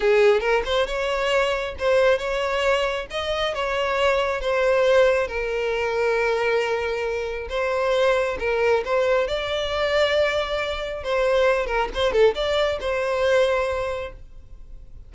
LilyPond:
\new Staff \with { instrumentName = "violin" } { \time 4/4 \tempo 4 = 136 gis'4 ais'8 c''8 cis''2 | c''4 cis''2 dis''4 | cis''2 c''2 | ais'1~ |
ais'4 c''2 ais'4 | c''4 d''2.~ | d''4 c''4. ais'8 c''8 a'8 | d''4 c''2. | }